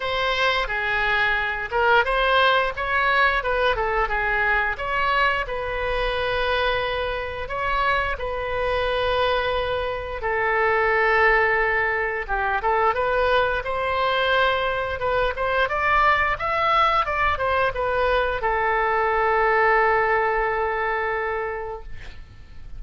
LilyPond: \new Staff \with { instrumentName = "oboe" } { \time 4/4 \tempo 4 = 88 c''4 gis'4. ais'8 c''4 | cis''4 b'8 a'8 gis'4 cis''4 | b'2. cis''4 | b'2. a'4~ |
a'2 g'8 a'8 b'4 | c''2 b'8 c''8 d''4 | e''4 d''8 c''8 b'4 a'4~ | a'1 | }